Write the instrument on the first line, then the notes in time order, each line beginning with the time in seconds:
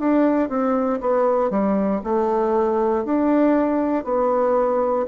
bassoon
0.00 D4
0.49 C4
1.01 B3
1.51 G3
2.04 A3
3.05 D4
4.05 B3